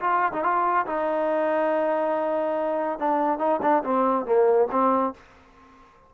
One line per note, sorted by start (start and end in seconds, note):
0.00 0.32 F4
0.33 0.43 D#4
0.43 0.86 F4
0.86 2.99 D#4
2.99 3.39 D4
3.39 3.60 D#4
3.62 3.83 D4
3.83 4.25 C4
4.25 4.68 A#3
4.71 5.14 C4